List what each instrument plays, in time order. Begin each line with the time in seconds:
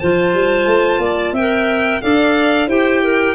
0.00 tuba F3, clarinet F4 C5, violin A5
0.34 tuba G3
0.67 tuba A3
0.99 tuba A#3, clarinet D5
1.33 tuba C4, clarinet A#4 E5, violin G5
2.02 tuba D4, clarinet A4 D5, violin F5
2.68 tuba E4, clarinet G4 C5, violin G5
3.04 clarinet A#4